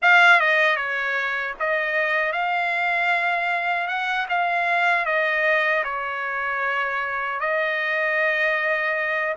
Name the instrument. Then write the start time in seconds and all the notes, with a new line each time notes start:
trumpet
0.02 F5
0.40 D#5
0.76 C#5
1.59 D#5
2.32 F5
3.87 F#5
4.29 F5
5.05 D#5
5.84 C#5
7.40 D#5